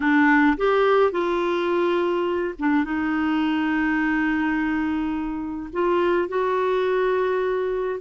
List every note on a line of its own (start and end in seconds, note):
0.00 0.57 D4
0.57 1.11 G4
1.11 2.54 F4
2.58 2.84 D4
2.84 5.70 D#4
5.72 6.28 F4
6.28 7.99 F#4